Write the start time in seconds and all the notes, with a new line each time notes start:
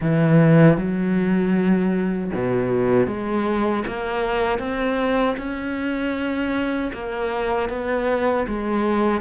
0.00 E3
0.77 F#3
2.34 B2
3.06 G#3
3.87 A#3
4.58 C4
5.37 C#4
6.93 A#3
7.69 B3
8.47 G#3